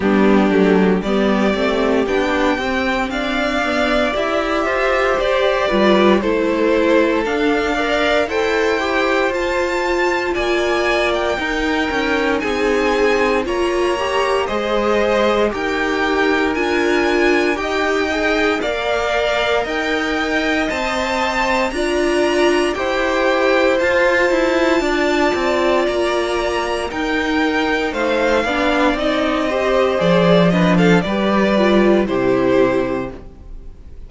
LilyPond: <<
  \new Staff \with { instrumentName = "violin" } { \time 4/4 \tempo 4 = 58 g'4 d''4 g''4 f''4 | e''4 d''4 c''4 f''4 | g''4 a''4 gis''8. g''4~ g''16 | gis''4 ais''4 dis''4 g''4 |
gis''4 g''4 f''4 g''4 | a''4 ais''4 g''4 a''4~ | a''4 ais''4 g''4 f''4 | dis''4 d''8 dis''16 f''16 d''4 c''4 | }
  \new Staff \with { instrumentName = "violin" } { \time 4/4 d'4 g'2 d''4~ | d''8 c''4 b'8 a'4. d''8 | c''2 d''4 ais'4 | gis'4 cis''4 c''4 ais'4~ |
ais'4 dis''4 d''4 dis''4~ | dis''4 d''4 c''2 | d''2 ais'4 c''8 d''8~ | d''8 c''4 b'16 a'16 b'4 g'4 | }
  \new Staff \with { instrumentName = "viola" } { \time 4/4 b8 a8 b8 c'8 d'8 c'4 b8 | g'4. f'8 e'4 d'8 ais'8 | a'8 g'8 f'2 dis'4~ | dis'4 f'8 g'8 gis'4 g'4 |
f'4 g'8 gis'8 ais'2 | c''4 f'4 g'4 f'4~ | f'2 dis'4. d'8 | dis'8 g'8 gis'8 d'8 g'8 f'8 e'4 | }
  \new Staff \with { instrumentName = "cello" } { \time 4/4 g8 fis8 g8 a8 b8 c'8 d'4 | e'8 f'8 g'8 g8 a4 d'4 | e'4 f'4 ais4 dis'8 cis'8 | c'4 ais4 gis4 dis'4 |
d'4 dis'4 ais4 dis'4 | c'4 d'4 e'4 f'8 e'8 | d'8 c'8 ais4 dis'4 a8 b8 | c'4 f4 g4 c4 | }
>>